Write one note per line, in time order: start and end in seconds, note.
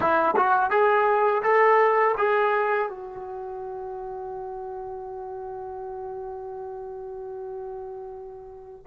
0.00 0.35 E4
0.36 0.70 F#4
0.70 1.42 G#4
1.42 2.15 A4
2.17 2.89 G#4
2.89 8.85 F#4